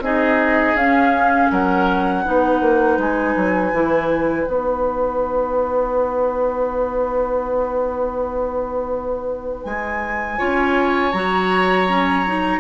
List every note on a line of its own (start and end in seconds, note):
0.00 0.74 C4
0.00 0.77 D#4
0.00 1.51 G#4
0.00 0.77 D#5
0.74 1.48 C#4
0.74 2.24 C#4
0.74 1.51 F5
1.51 2.25 F#3
1.51 2.24 A#4
1.51 3.00 F#5
2.24 2.61 B3
2.24 3.73 D#4
2.24 10.38 B4
2.61 2.98 A#3
2.98 3.35 G#3
2.98 4.47 G#5
3.36 3.73 F#3
3.73 4.47 E3
3.73 4.47 E4
4.47 9.65 B3
4.47 10.37 D#4
4.47 9.64 F#5
9.64 10.39 G#3
9.64 11.12 G#5
10.37 11.13 C#4
10.37 11.12 F4
10.37 12.60 C#5
11.12 12.60 F#3
11.12 11.88 F#4
11.12 12.60 A#5
11.88 12.25 C#4
12.26 12.60 D#4